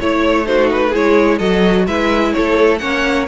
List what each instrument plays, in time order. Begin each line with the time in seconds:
0.00 cello A3, viola E4, violin C#5
0.45 viola D#4, violin F#4 C5
0.71 violin B4
0.89 cello G#3, viola E4, violin G#4
0.95 violin C#5
1.38 cello F#3, viola F#4, violin A4 D#5
1.87 cello G#3, viola E4, violin B4 E5
2.33 cello A3, violin A4 C#5
2.78 cello A#3, viola C#4, violin C#5 F#5